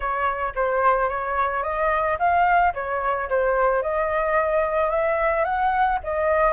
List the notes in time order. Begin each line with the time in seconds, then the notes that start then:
0.00 C#5
0.55 C5
1.09 C#5
1.63 D#5
2.18 F5
2.74 C#5
3.29 C5
3.82 D#5
4.90 E5
5.44 F#5
6.03 D#5